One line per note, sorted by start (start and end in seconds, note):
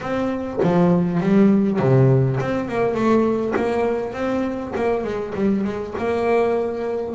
0.00 0.60 C4
0.62 1.20 F3
1.20 1.79 G3
1.79 2.38 C3
2.40 2.68 C4
2.68 2.94 A#3
2.94 3.53 A3
3.56 4.13 A#3
4.13 4.72 C4
4.75 5.04 A#3
5.04 5.33 G#3
5.34 5.64 G3
5.64 5.94 G#3
5.98 7.14 A#3